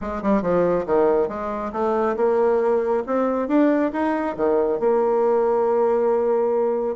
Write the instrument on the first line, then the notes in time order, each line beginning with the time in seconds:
bassoon
0.01 G#3
0.22 G3
0.42 F3
0.86 D#3
1.28 G#3
1.72 A3
2.16 A#3
3.06 C4
3.48 D4
3.92 D#4
4.36 D#3
4.79 A#3